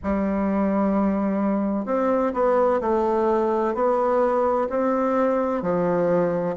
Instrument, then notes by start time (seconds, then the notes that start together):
bassoon
0.03 G3
1.85 C4
2.33 B3
2.80 A3
3.74 B3
4.69 C4
5.62 F3